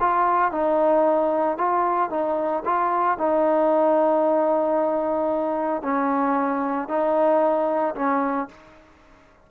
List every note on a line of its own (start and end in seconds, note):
0.00 0.52 F4
0.52 1.58 D#4
1.58 2.10 F4
2.10 2.63 D#4
2.65 3.18 F4
3.18 5.83 D#4
5.83 6.89 C#4
6.89 7.95 D#4
7.95 8.48 C#4